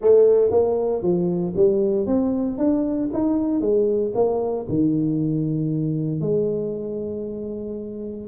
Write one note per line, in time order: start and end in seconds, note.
0.01 0.50 A3
0.50 1.02 A#3
1.02 1.54 F3
1.56 2.06 G3
2.06 2.58 C4
2.58 3.09 D4
3.13 3.60 D#4
3.60 4.12 G#3
4.14 4.66 A#3
4.68 6.20 D#3
6.20 8.27 G#3